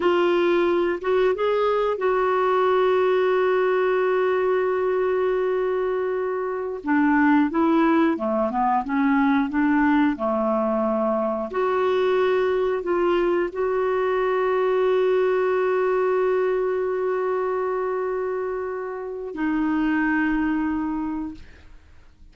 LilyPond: \new Staff \with { instrumentName = "clarinet" } { \time 4/4 \tempo 4 = 90 f'4. fis'8 gis'4 fis'4~ | fis'1~ | fis'2~ fis'16 d'4 e'8.~ | e'16 a8 b8 cis'4 d'4 a8.~ |
a4~ a16 fis'2 f'8.~ | f'16 fis'2.~ fis'8.~ | fis'1~ | fis'4 dis'2. | }